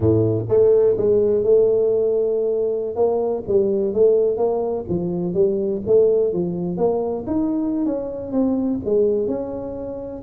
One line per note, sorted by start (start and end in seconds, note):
0.00 0.45 A2
0.48 0.96 A3
0.97 1.43 G#3
1.43 2.95 A3
2.95 3.43 A#3
3.47 3.93 G3
3.93 4.37 A3
4.37 4.84 A#3
4.89 5.34 F3
5.34 5.81 G3
5.86 6.33 A3
6.33 6.77 F3
6.77 7.24 A#3
7.26 7.85 D#4
7.85 8.31 C#4
8.31 8.79 C4
8.84 9.27 G#3
9.27 10.22 C#4